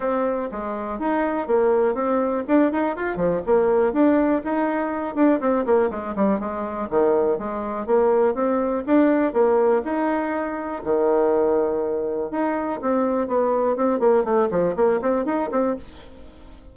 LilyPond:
\new Staff \with { instrumentName = "bassoon" } { \time 4/4 \tempo 4 = 122 c'4 gis4 dis'4 ais4 | c'4 d'8 dis'8 f'8 f8 ais4 | d'4 dis'4. d'8 c'8 ais8 | gis8 g8 gis4 dis4 gis4 |
ais4 c'4 d'4 ais4 | dis'2 dis2~ | dis4 dis'4 c'4 b4 | c'8 ais8 a8 f8 ais8 c'8 dis'8 c'8 | }